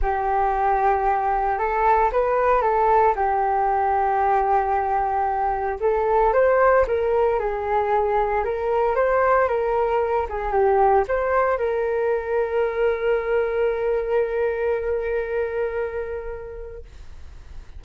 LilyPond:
\new Staff \with { instrumentName = "flute" } { \time 4/4 \tempo 4 = 114 g'2. a'4 | b'4 a'4 g'2~ | g'2. a'4 | c''4 ais'4 gis'2 |
ais'4 c''4 ais'4. gis'8 | g'4 c''4 ais'2~ | ais'1~ | ais'1 | }